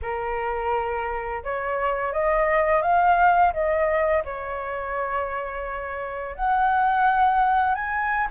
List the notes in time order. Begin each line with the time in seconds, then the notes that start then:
0.02 A#4
1.43 C#5
2.12 D#5
2.82 F5
3.53 D#5
4.24 C#5
6.35 F#5
7.74 G#5